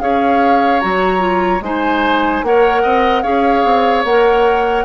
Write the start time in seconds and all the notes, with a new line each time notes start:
0.00 C#4 G#4 C#5 F5
0.80 F#3 F#4 A#5
1.19 F4
1.61 G#3 D#4 C5 G#5
2.43 A#3 A#4 C#5 F#5
2.82 C4 D#5
3.22 C#4 G#4 C#5 F5
3.64 C4
4.04 A#3 A#4 F#5